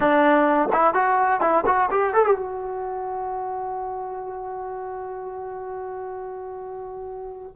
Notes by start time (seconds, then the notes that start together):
0.00 D4
0.72 E4
0.94 F#4
1.40 E4
1.66 F#4
1.90 G4
2.13 A4
2.25 G4
2.36 F#4